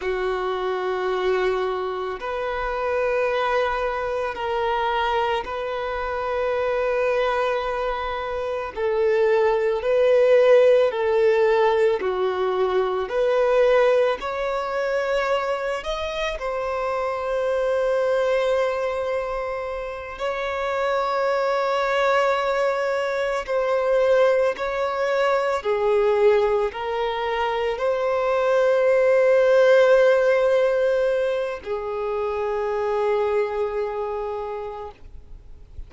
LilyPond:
\new Staff \with { instrumentName = "violin" } { \time 4/4 \tempo 4 = 55 fis'2 b'2 | ais'4 b'2. | a'4 b'4 a'4 fis'4 | b'4 cis''4. dis''8 c''4~ |
c''2~ c''8 cis''4.~ | cis''4. c''4 cis''4 gis'8~ | gis'8 ais'4 c''2~ c''8~ | c''4 gis'2. | }